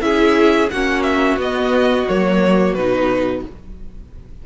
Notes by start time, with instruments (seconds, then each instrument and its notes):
0.00 cello C#4, viola E4, violin G#4 E5
0.70 cello A#3, viola C#4, violin F#4 F#5
1.03 violin E5
1.37 cello B3, viola B3, violin D#5
2.08 cello F#3, viola A#3, violin C#5
2.74 cello B2, viola D#4, violin B4